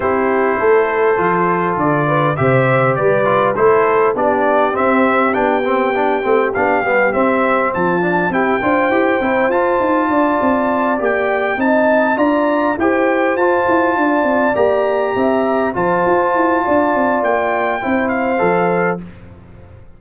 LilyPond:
<<
  \new Staff \with { instrumentName = "trumpet" } { \time 4/4 \tempo 4 = 101 c''2. d''4 | e''4 d''4 c''4 d''4 | e''4 g''2 f''4 | e''4 a''4 g''2 |
a''2~ a''8 g''4 a''8~ | a''8 ais''4 g''4 a''4.~ | a''8 ais''2 a''4.~ | a''4 g''4. f''4. | }
  \new Staff \with { instrumentName = "horn" } { \time 4/4 g'4 a'2~ a'8 b'8 | c''4 b'4 a'4 g'4~ | g'1~ | g'4 f'4 g'8 c''4.~ |
c''4 d''2~ d''8 dis''8~ | dis''8 d''4 c''2 d''8~ | d''4. e''4 c''4. | d''2 c''2 | }
  \new Staff \with { instrumentName = "trombone" } { \time 4/4 e'2 f'2 | g'4. f'8 e'4 d'4 | c'4 d'8 c'8 d'8 c'8 d'8 b8 | c'4. d'8 e'8 f'8 g'8 e'8 |
f'2~ f'8 g'4 dis'8~ | dis'8 f'4 g'4 f'4.~ | f'8 g'2 f'4.~ | f'2 e'4 a'4 | }
  \new Staff \with { instrumentName = "tuba" } { \time 4/4 c'4 a4 f4 d4 | c4 g4 a4 b4 | c'4 b4. a8 b8 g8 | c'4 f4 c'8 d'8 e'8 c'8 |
f'8 dis'8 d'8 c'4 ais4 c'8~ | c'8 d'4 e'4 f'8 e'8 d'8 | c'8 ais4 c'4 f8 f'8 e'8 | d'8 c'8 ais4 c'4 f4 | }
>>